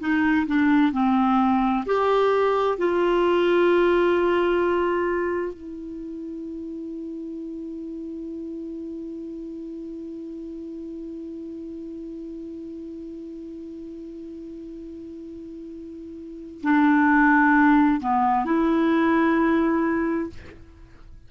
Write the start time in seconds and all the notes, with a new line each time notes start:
0.00 D#4
0.47 D4
0.92 C4
1.85 G4
2.78 F4
5.54 E4
16.62 D4
18.00 B3
18.45 E4